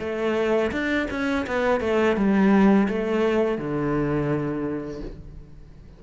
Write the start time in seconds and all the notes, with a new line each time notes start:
0.00 A3
0.72 D4
1.11 C#4
1.47 B3
1.81 A3
2.17 G3
2.89 A3
3.58 D3